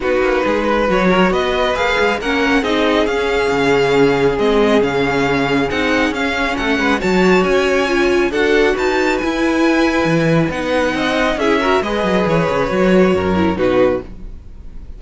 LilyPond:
<<
  \new Staff \with { instrumentName = "violin" } { \time 4/4 \tempo 4 = 137 b'2 cis''4 dis''4 | f''4 fis''4 dis''4 f''4~ | f''2 dis''4 f''4~ | f''4 fis''4 f''4 fis''4 |
a''4 gis''2 fis''4 | a''4 gis''2. | fis''2 e''4 dis''4 | cis''2. b'4 | }
  \new Staff \with { instrumentName = "violin" } { \time 4/4 fis'4 gis'8 b'4 ais'8 b'4~ | b'4 ais'4 gis'2~ | gis'1~ | gis'2. a'8 b'8 |
cis''2. a'4 | b'1~ | b'4 dis''4 gis'8 ais'8 b'4~ | b'2 ais'4 fis'4 | }
  \new Staff \with { instrumentName = "viola" } { \time 4/4 dis'2 fis'2 | gis'4 cis'4 dis'4 cis'4~ | cis'2 c'4 cis'4~ | cis'4 dis'4 cis'2 |
fis'2 f'4 fis'4~ | fis'4 e'2. | dis'2 e'8 fis'8 gis'4~ | gis'4 fis'4. e'8 dis'4 | }
  \new Staff \with { instrumentName = "cello" } { \time 4/4 b8 ais8 gis4 fis4 b4 | ais8 gis8 ais4 c'4 cis'4 | cis2 gis4 cis4~ | cis4 c'4 cis'4 a8 gis8 |
fis4 cis'2 d'4 | dis'4 e'2 e4 | b4 c'4 cis'4 gis8 fis8 | e8 cis8 fis4 fis,4 b,4 | }
>>